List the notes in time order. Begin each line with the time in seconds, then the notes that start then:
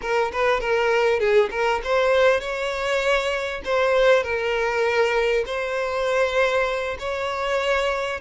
0.01 A#4
0.32 B4
0.60 A#4
1.19 G#4
1.50 A#4
1.83 C5
2.40 C#5
3.64 C5
4.23 A#4
5.45 C5
6.99 C#5